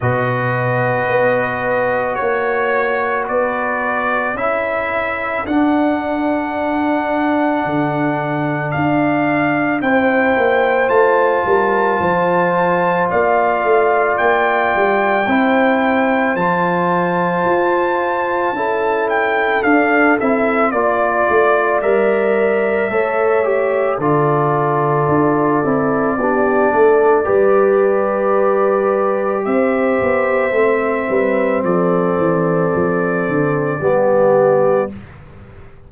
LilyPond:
<<
  \new Staff \with { instrumentName = "trumpet" } { \time 4/4 \tempo 4 = 55 dis''2 cis''4 d''4 | e''4 fis''2. | f''4 g''4 a''2 | f''4 g''2 a''4~ |
a''4. g''8 f''8 e''8 d''4 | e''2 d''2~ | d''2. e''4~ | e''4 d''2. | }
  \new Staff \with { instrumentName = "horn" } { \time 4/4 b'2 cis''4 b'4 | a'1~ | a'4 c''4. ais'8 c''4 | d''2 c''2~ |
c''4 a'2 d''4~ | d''4 cis''4 a'2 | g'8 a'8 b'2 c''4~ | c''8 b'8 a'2 g'4 | }
  \new Staff \with { instrumentName = "trombone" } { \time 4/4 fis'1 | e'4 d'2.~ | d'4 e'4 f'2~ | f'2 e'4 f'4~ |
f'4 e'4 d'8 e'8 f'4 | ais'4 a'8 g'8 f'4. e'8 | d'4 g'2. | c'2. b4 | }
  \new Staff \with { instrumentName = "tuba" } { \time 4/4 b,4 b4 ais4 b4 | cis'4 d'2 d4 | d'4 c'8 ais8 a8 g8 f4 | ais8 a8 ais8 g8 c'4 f4 |
f'4 cis'4 d'8 c'8 ais8 a8 | g4 a4 d4 d'8 c'8 | b8 a8 g2 c'8 b8 | a8 g8 f8 e8 f8 d8 g4 | }
>>